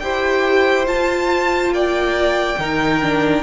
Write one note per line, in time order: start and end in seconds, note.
0.00 0.88 E4
0.00 0.86 G4
0.00 1.75 C5
0.00 0.86 G5
0.86 2.57 F4
0.86 1.69 F4
0.86 1.73 A5
1.69 2.55 A#3
1.69 2.60 D5
1.69 3.44 G5
2.59 3.44 D#3
2.59 3.02 D#4
2.59 3.44 A#4
3.02 3.44 D4